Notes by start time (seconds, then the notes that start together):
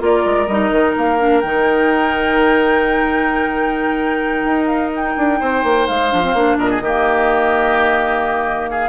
0.00 A#3 F4 A#4 D5
0.26 G#3
0.48 G3 D#4 D#5
0.72 D#3
0.97 A#3 F5
1.19 D4
1.41 D#3 D#4 G5
4.45 D#4
4.67 F5
4.96 G5
5.18 D4
5.40 C4 C5
5.64 A#3
5.88 G#3 F5
6.10 F3 D4
6.24 C4
6.34 A#3 D4
6.58 A#2 A#4 D#5
6.71 G#4
6.81 D#3 A#3 G4
8.70 G#4 F5